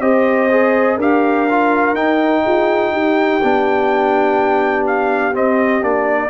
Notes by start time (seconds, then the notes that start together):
0.00 C4 G4 C5 D#5
0.50 G#4
0.97 D4 G4 A#4 F5
1.49 F4
1.93 D#4 G5
2.44 F4 G#4
2.91 D#4 G4
3.43 B3 D4
4.86 F5
5.33 C4 D#5
5.81 A#3 D4 D5